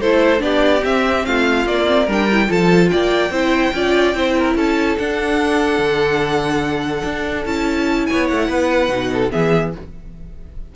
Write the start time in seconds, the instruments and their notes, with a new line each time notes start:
0.00 cello A3, viola E4, violin A4 C5
0.39 cello B3, viola D4, violin G4 D5
0.83 viola C4, cello C4, violin E5
1.26 cello A3, violin F4 F5
1.66 cello A#3, viola A#3, violin D5
1.86 viola C4
2.05 cello G3, viola D4, violin A#4
2.13 violin G5
2.31 viola E4
2.48 cello F3, viola F4, violin A4 A5
2.89 cello A#3, violin D5 G5
3.30 cello C4, viola E4, violin C5
3.74 cello C#4, viola F4, violin D5
4.15 cello C4, viola E4, violin C5
4.38 violin A#4
4.55 cello C#4, violin A4 A5
4.98 viola D4, cello D4, violin F#5
5.79 cello D3
7.04 cello D4
7.46 cello C#4, viola E4, violin A5
8.06 cello B3, violin C#5 G#5
8.28 cello A3, violin F#5
8.48 cello B3, violin B4
8.89 cello B2, viola D#4
9.13 violin A4
9.31 cello E3, viola B3, violin G#4 E5